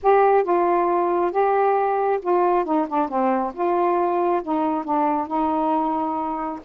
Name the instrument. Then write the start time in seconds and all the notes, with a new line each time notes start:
saxophone
0.02 G4
0.43 F4
1.31 G4
2.22 F4
2.64 D#4
2.88 D4
3.08 C4
3.54 F4
4.42 D#4
4.84 D4
5.27 D#4